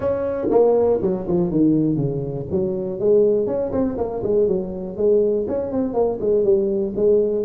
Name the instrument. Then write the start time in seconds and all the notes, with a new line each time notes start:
tuba
0.00 C#4
0.50 A#3
1.01 F#3
1.27 F3
1.50 D#3
1.96 C#3
2.50 F#3
2.99 G#3
3.46 C#4
3.71 C4
3.97 A#3
4.23 G#3
4.47 F#3
4.96 G#3
5.48 C#4
5.71 C4
5.93 A#3
6.20 G#3
6.43 G3
6.96 G#3